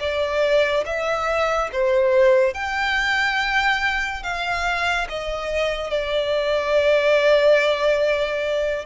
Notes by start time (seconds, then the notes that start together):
0.00 D5
0.86 E5
1.73 C5
2.54 G5
4.23 F5
5.09 D#5
5.90 D5